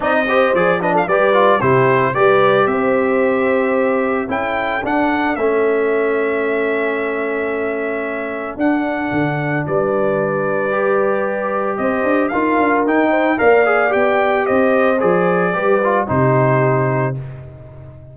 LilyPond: <<
  \new Staff \with { instrumentName = "trumpet" } { \time 4/4 \tempo 4 = 112 dis''4 d''8 dis''16 f''16 d''4 c''4 | d''4 e''2. | g''4 fis''4 e''2~ | e''1 |
fis''2 d''2~ | d''2 dis''4 f''4 | g''4 f''4 g''4 dis''4 | d''2 c''2 | }
  \new Staff \with { instrumentName = "horn" } { \time 4/4 d''8 c''4 b'16 a'16 b'4 g'4 | b'4 c''2. | a'1~ | a'1~ |
a'2 b'2~ | b'2 c''4 ais'4~ | ais'8 c''8 d''2 c''4~ | c''4 b'4 g'2 | }
  \new Staff \with { instrumentName = "trombone" } { \time 4/4 dis'8 g'8 gis'8 d'8 g'8 f'8 e'4 | g'1 | e'4 d'4 cis'2~ | cis'1 |
d'1 | g'2. f'4 | dis'4 ais'8 gis'8 g'2 | gis'4 g'8 f'8 dis'2 | }
  \new Staff \with { instrumentName = "tuba" } { \time 4/4 c'4 f4 g4 c4 | g4 c'2. | cis'4 d'4 a2~ | a1 |
d'4 d4 g2~ | g2 c'8 d'8 dis'8 d'8 | dis'4 ais4 b4 c'4 | f4 g4 c2 | }
>>